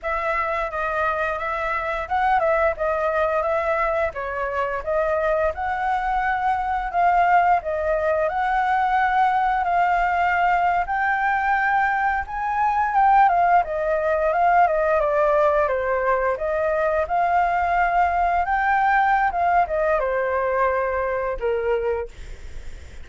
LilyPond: \new Staff \with { instrumentName = "flute" } { \time 4/4 \tempo 4 = 87 e''4 dis''4 e''4 fis''8 e''8 | dis''4 e''4 cis''4 dis''4 | fis''2 f''4 dis''4 | fis''2 f''4.~ f''16 g''16~ |
g''4.~ g''16 gis''4 g''8 f''8 dis''16~ | dis''8. f''8 dis''8 d''4 c''4 dis''16~ | dis''8. f''2 g''4~ g''16 | f''8 dis''8 c''2 ais'4 | }